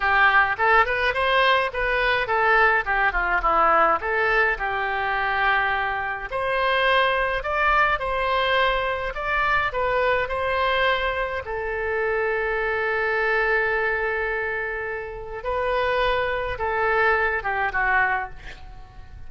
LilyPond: \new Staff \with { instrumentName = "oboe" } { \time 4/4 \tempo 4 = 105 g'4 a'8 b'8 c''4 b'4 | a'4 g'8 f'8 e'4 a'4 | g'2. c''4~ | c''4 d''4 c''2 |
d''4 b'4 c''2 | a'1~ | a'2. b'4~ | b'4 a'4. g'8 fis'4 | }